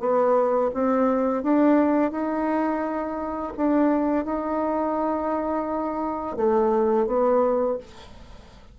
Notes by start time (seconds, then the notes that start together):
0.00 B3
0.74 C4
1.43 D4
2.11 D#4
3.57 D4
4.25 D#4
6.37 A3
7.07 B3